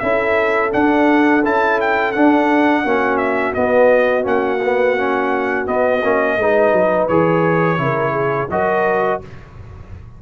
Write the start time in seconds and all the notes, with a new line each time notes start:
0.00 C#4 E4 A4 E5
0.72 D4 F#5
1.45 C#4 E4 A5
1.81 G5
2.12 D4 F#5
2.85 A#3 C#4 F#4
3.18 E5
3.54 B3 D#5
4.23 A#3 C#4 F#5
4.64 B3
4.98 C#4
5.67 B3 D#5
6.04 A#3 C#4
6.38 G#3 D#4 B4
6.73 F#3
7.08 E3 G#4 C#5
7.78 C#3 E4 A#4
8.12 G#4
8.50 F#3 F#4 A#4 D#5